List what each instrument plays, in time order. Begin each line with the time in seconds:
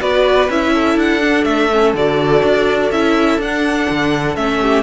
0.00 cello B3, viola F#4, violin B4 D5
0.49 cello C#4, viola E4, violin E5
0.73 violin A4
0.95 cello D4, violin F#5
1.21 viola D4
1.44 cello A3, violin E5
1.72 viola C#4
1.94 cello D3, viola F#4, violin D5
2.43 cello D4
2.91 cello C#4, viola E4, violin E5
3.38 cello D4, viola D4, violin F#5
3.90 cello D3
4.36 cello A3, viola C#4, violin E5
4.60 violin G4